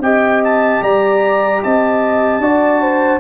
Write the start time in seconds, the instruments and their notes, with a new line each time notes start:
0.00 tuba C4, trombone G4, horn D#5, trumpet G5
0.44 trumpet A5
0.82 tuba G3, horn D5, trumpet A#5
1.63 tuba C4, horn D#5, trumpet A5
2.39 tuba D4, trombone F#4, horn D5
2.82 horn C5